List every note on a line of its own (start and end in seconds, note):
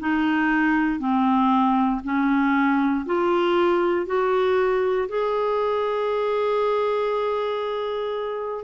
0.00 0.99 D#4
0.99 2.01 C4
2.04 3.06 C#4
3.06 4.06 F4
4.06 5.08 F#4
5.08 8.64 G#4